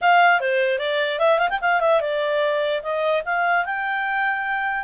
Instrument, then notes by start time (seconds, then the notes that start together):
clarinet
0.01 F5
0.40 C5
0.78 D5
1.19 E5
1.38 F5
1.49 G5
1.61 F5
1.80 E5
2.01 D5
2.82 D#5
3.25 F5
3.65 G5